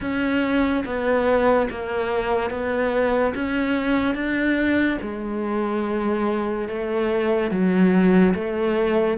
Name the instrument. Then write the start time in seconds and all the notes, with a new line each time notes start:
cello
0.00 C#4
0.85 B3
1.70 A#3
2.50 B3
3.34 C#4
4.14 D4
5.02 G#3
6.68 A3
7.50 F#3
8.34 A3